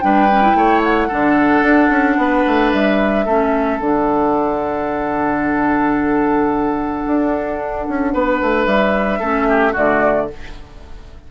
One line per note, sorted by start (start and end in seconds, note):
0.00 0.54 G3
0.00 0.28 D4
0.00 0.57 B4
0.00 0.81 G5
0.31 0.42 C#4
0.42 1.09 E4
0.54 1.08 A3
0.54 1.08 C#5
0.83 2.72 F#5
1.08 1.62 D3
1.08 3.26 D4
1.08 2.16 A4
1.62 1.89 D4
1.89 2.16 C#4
2.17 2.44 B3
2.17 3.25 B4
2.46 2.73 A3
2.72 3.26 G3
2.72 3.79 E5
3.25 3.80 A3
3.25 3.80 C#4
3.25 8.11 A4
3.79 7.04 D3
3.79 9.20 D4
3.79 8.66 F#5
7.06 7.87 D4
7.88 8.14 C#4
8.13 8.41 B3
8.13 9.19 B4
8.41 8.66 A3
8.66 9.20 G3
8.66 9.74 E5
9.19 9.74 A3
9.19 9.74 C#4
9.19 9.46 A4
9.49 9.72 G4
9.72 10.31 D3
9.72 10.28 A3
9.72 10.26 F#4
9.72 10.30 D5